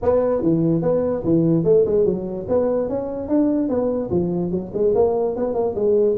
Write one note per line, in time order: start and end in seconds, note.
0.02 0.42 B3
0.42 0.82 E3
0.82 1.23 B3
1.24 1.64 E3
1.64 1.84 A3
1.85 2.05 G#3
2.05 2.46 F#3
2.48 2.88 B3
2.88 3.28 C#4
3.28 3.69 D4
3.69 4.10 B3
4.10 4.51 F3
4.51 4.71 F#3
4.73 4.94 G#3
4.94 5.35 A#3
5.36 5.53 B3
5.53 5.74 A#3
5.75 6.16 G#3